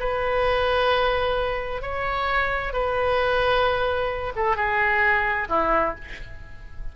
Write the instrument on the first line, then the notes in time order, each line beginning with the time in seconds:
oboe
0.00 B4
1.82 C#5
2.73 B4
4.36 A4
4.56 G#4
5.49 E4